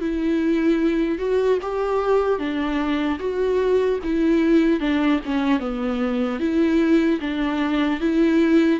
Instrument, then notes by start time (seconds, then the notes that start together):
viola
0.00 E4
1.18 F#4
1.62 G4
2.39 D4
3.19 F#4
4.03 E4
4.80 D4
5.25 C#4
5.59 B3
6.39 E4
7.20 D4
8.00 E4